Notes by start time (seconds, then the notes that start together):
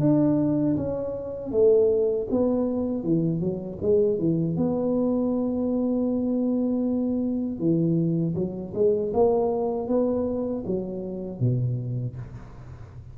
0.00 D4
0.77 C#4
1.52 A3
2.31 B3
3.03 E3
3.40 F#3
3.82 G#3
4.18 E3
4.56 B3
7.59 E3
8.35 F#3
8.74 G#3
9.13 A#3
9.88 B3
10.66 F#3
11.40 B2